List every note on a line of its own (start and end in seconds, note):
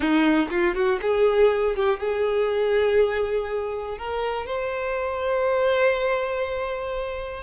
0.00 0.48 D#4
0.50 0.74 F4
0.74 0.99 F#4
1.01 1.75 G#4
1.75 1.99 G4
1.99 3.97 G#4
3.97 4.46 A#4
4.46 7.43 C5